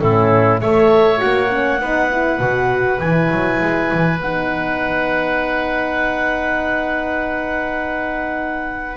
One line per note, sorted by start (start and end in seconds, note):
0.00 0.61 A2
0.00 0.61 C#4
0.00 0.61 E4
0.00 0.60 A4
0.61 1.21 A3
0.61 1.18 A4
0.61 1.81 C#5
0.61 1.21 E5
1.18 1.81 A#3
1.18 1.48 F#4
1.18 3.00 F#5
1.50 1.80 C#4
1.81 2.40 B3
1.81 2.11 D#4
1.81 8.98 B4
2.12 2.40 E4
2.40 3.00 B2
2.40 3.00 F#4
3.00 3.31 E3
3.00 4.21 E4
3.00 4.20 G#5
3.31 3.61 F#3
3.62 3.92 G#3
3.94 4.21 E3
4.21 8.98 B3
4.21 8.98 D#4
4.21 8.98 F#5